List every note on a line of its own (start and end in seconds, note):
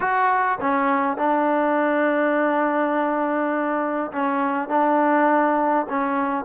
0.00 0.58 F#4
0.60 1.17 C#4
1.17 4.11 D4
4.12 4.68 C#4
4.68 5.86 D4
5.89 6.45 C#4